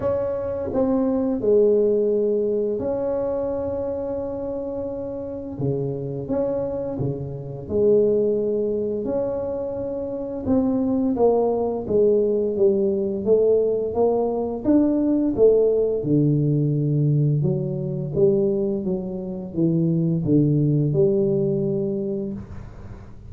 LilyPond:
\new Staff \with { instrumentName = "tuba" } { \time 4/4 \tempo 4 = 86 cis'4 c'4 gis2 | cis'1 | cis4 cis'4 cis4 gis4~ | gis4 cis'2 c'4 |
ais4 gis4 g4 a4 | ais4 d'4 a4 d4~ | d4 fis4 g4 fis4 | e4 d4 g2 | }